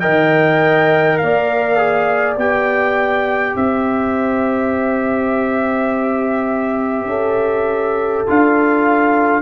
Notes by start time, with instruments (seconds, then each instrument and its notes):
0.00 tuba D#3, trombone A#4, horn D#5, trumpet G5
1.17 tuba A#3, horn D5, trumpet F5
1.77 trombone G#4
2.37 tuba B3, trombone G4, trumpet G5
3.56 tuba C4, horn C5, trumpet E5
7.06 tuba C#4, horn A4
8.27 tuba D4, trombone F4, trumpet F5